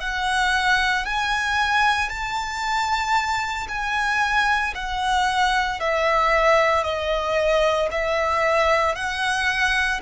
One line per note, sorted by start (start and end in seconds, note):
0.00 1.05 F#5
1.05 2.09 G#5
2.09 3.67 A5
3.68 4.74 G#5
4.75 5.80 F#5
5.80 6.83 E5
6.83 7.89 D#5
7.91 8.95 E5
8.95 10.00 F#5